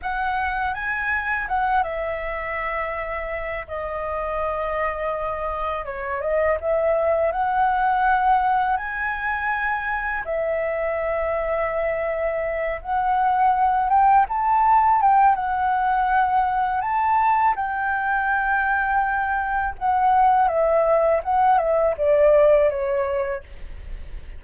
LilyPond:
\new Staff \with { instrumentName = "flute" } { \time 4/4 \tempo 4 = 82 fis''4 gis''4 fis''8 e''4.~ | e''4 dis''2. | cis''8 dis''8 e''4 fis''2 | gis''2 e''2~ |
e''4. fis''4. g''8 a''8~ | a''8 g''8 fis''2 a''4 | g''2. fis''4 | e''4 fis''8 e''8 d''4 cis''4 | }